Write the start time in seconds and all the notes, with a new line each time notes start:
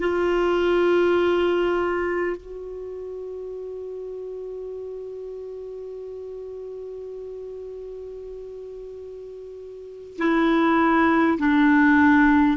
0.00 F4
2.37 F#4
10.18 E4
11.39 D4